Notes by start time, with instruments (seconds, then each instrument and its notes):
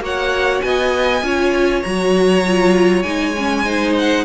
0.00 cello A#3, viola F#4, violin C#5 F#5
0.61 cello B3, violin D#5 G#5
1.22 cello C#4, viola F4, violin C#5
1.82 cello F#3, viola F#4, violin A#5
2.46 viola F4
3.02 cello G#3, viola D#4, violin G#5
3.37 viola C#4
3.64 viola D#4, violin C5
3.98 violin F#5